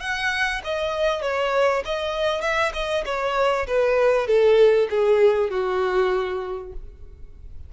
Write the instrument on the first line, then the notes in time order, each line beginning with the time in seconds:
violin
0.00 F#5
0.64 D#5
1.22 C#5
1.85 D#5
2.41 E5
2.73 D#5
3.05 C#5
3.67 B4
4.27 A4
4.90 G#4
5.50 F#4